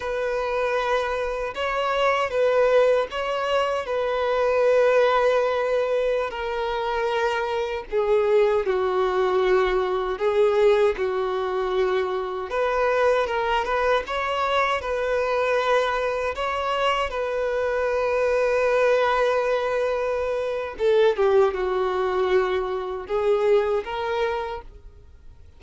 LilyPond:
\new Staff \with { instrumentName = "violin" } { \time 4/4 \tempo 4 = 78 b'2 cis''4 b'4 | cis''4 b'2.~ | b'16 ais'2 gis'4 fis'8.~ | fis'4~ fis'16 gis'4 fis'4.~ fis'16~ |
fis'16 b'4 ais'8 b'8 cis''4 b'8.~ | b'4~ b'16 cis''4 b'4.~ b'16~ | b'2. a'8 g'8 | fis'2 gis'4 ais'4 | }